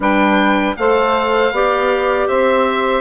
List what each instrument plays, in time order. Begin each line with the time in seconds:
0.00 bassoon G3, clarinet D4, saxophone B4, oboe G5
0.77 bassoon A3, clarinet A4, saxophone C5, oboe F5
1.51 bassoon B3, clarinet G4, saxophone D5
2.28 bassoon C4, saxophone C5, oboe E5